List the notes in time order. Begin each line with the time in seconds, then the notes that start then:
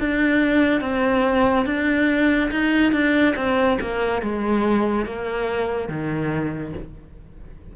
0.00 D4
0.81 C4
1.66 D4
2.51 D#4
2.93 D4
3.36 C4
3.81 A#3
4.22 G#3
5.06 A#3
5.89 D#3